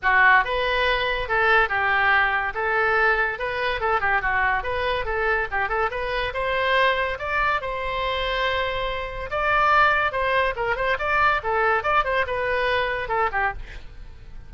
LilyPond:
\new Staff \with { instrumentName = "oboe" } { \time 4/4 \tempo 4 = 142 fis'4 b'2 a'4 | g'2 a'2 | b'4 a'8 g'8 fis'4 b'4 | a'4 g'8 a'8 b'4 c''4~ |
c''4 d''4 c''2~ | c''2 d''2 | c''4 ais'8 c''8 d''4 a'4 | d''8 c''8 b'2 a'8 g'8 | }